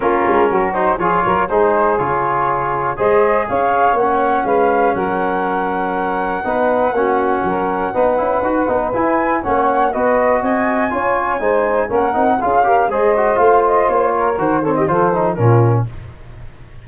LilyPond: <<
  \new Staff \with { instrumentName = "flute" } { \time 4/4 \tempo 4 = 121 ais'4. c''8 cis''4 c''4 | cis''2 dis''4 f''4 | fis''4 f''4 fis''2~ | fis''1~ |
fis''2 gis''4 fis''4 | dis''4 gis''2. | fis''4 f''4 dis''4 f''8 dis''8 | cis''4 c''8 cis''16 dis''16 c''4 ais'4 | }
  \new Staff \with { instrumentName = "saxophone" } { \time 4/4 f'4 fis'4 gis'8 ais'8 gis'4~ | gis'2 c''4 cis''4~ | cis''4 b'4 ais'2~ | ais'4 b'4 fis'4 ais'4 |
b'2. cis''4 | b'4 dis''4 cis''4 c''4 | ais'4 gis'8 ais'8 c''2~ | c''8 ais'4 a'16 g'16 a'4 f'4 | }
  \new Staff \with { instrumentName = "trombone" } { \time 4/4 cis'4. dis'8 f'4 dis'4 | f'2 gis'2 | cis'1~ | cis'4 dis'4 cis'2 |
dis'8 e'8 fis'8 dis'8 e'4 cis'4 | fis'2 f'4 dis'4 | cis'8 dis'8 f'8 g'8 gis'8 fis'8 f'4~ | f'4 fis'8 c'8 f'8 dis'8 cis'4 | }
  \new Staff \with { instrumentName = "tuba" } { \time 4/4 ais8 gis8 fis4 f8 fis8 gis4 | cis2 gis4 cis'4 | ais4 gis4 fis2~ | fis4 b4 ais4 fis4 |
b8 cis'8 dis'8 b8 e'4 ais4 | b4 c'4 cis'4 gis4 | ais8 c'8 cis'4 gis4 a4 | ais4 dis4 f4 ais,4 | }
>>